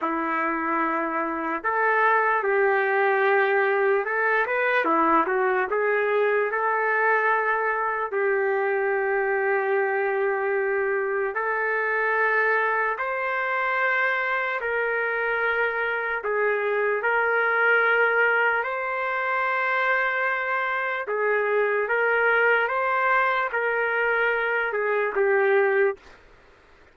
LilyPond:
\new Staff \with { instrumentName = "trumpet" } { \time 4/4 \tempo 4 = 74 e'2 a'4 g'4~ | g'4 a'8 b'8 e'8 fis'8 gis'4 | a'2 g'2~ | g'2 a'2 |
c''2 ais'2 | gis'4 ais'2 c''4~ | c''2 gis'4 ais'4 | c''4 ais'4. gis'8 g'4 | }